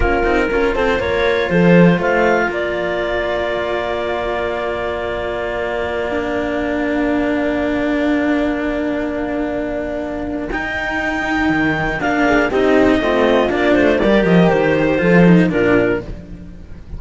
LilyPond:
<<
  \new Staff \with { instrumentName = "clarinet" } { \time 4/4 \tempo 4 = 120 ais'4. c''8 cis''4 c''4 | f''4 d''2.~ | d''1~ | d''8 f''2.~ f''8~ |
f''1~ | f''4 g''2. | f''4 dis''2 d''8 c''8 | d''8 dis''8 c''2 ais'4 | }
  \new Staff \with { instrumentName = "horn" } { \time 4/4 f'4 ais'8 a'8 ais'4 a'4 | c''4 ais'2.~ | ais'1~ | ais'1~ |
ais'1~ | ais'1~ | ais'8 gis'8 g'4 f'2 | ais'2 a'4 f'4 | }
  \new Staff \with { instrumentName = "cello" } { \time 4/4 cis'8 dis'8 f'2.~ | f'1~ | f'1~ | f'16 d'2.~ d'8.~ |
d'1~ | d'4 dis'2. | d'4 dis'4 c'4 d'4 | g'2 f'8 dis'8 d'4 | }
  \new Staff \with { instrumentName = "cello" } { \time 4/4 ais8 c'8 cis'8 c'8 ais4 f4 | a4 ais2.~ | ais1~ | ais1~ |
ais1~ | ais4 dis'2 dis4 | ais4 c'4 a4 ais8 a8 | g8 f8 dis4 f4 ais,4 | }
>>